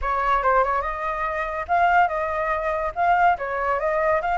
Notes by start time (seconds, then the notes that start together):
0.01 C#5
0.42 C5
0.63 C#5
0.81 D#5
1.67 F5
2.08 D#5
2.95 F5
3.38 C#5
3.79 D#5
4.21 F5